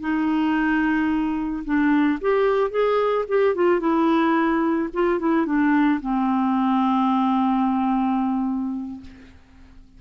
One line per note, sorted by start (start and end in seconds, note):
0.00 1.64 D#4
1.64 2.19 D4
2.21 2.70 G4
2.70 3.25 G#4
3.28 3.55 G4
3.55 3.80 F4
3.80 4.89 E4
4.93 5.19 F4
5.19 5.45 E4
5.45 6.00 D4
6.01 9.01 C4